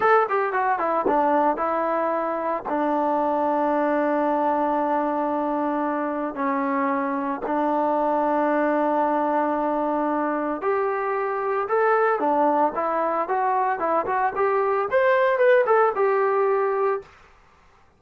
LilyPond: \new Staff \with { instrumentName = "trombone" } { \time 4/4 \tempo 4 = 113 a'8 g'8 fis'8 e'8 d'4 e'4~ | e'4 d'2.~ | d'1 | cis'2 d'2~ |
d'1 | g'2 a'4 d'4 | e'4 fis'4 e'8 fis'8 g'4 | c''4 b'8 a'8 g'2 | }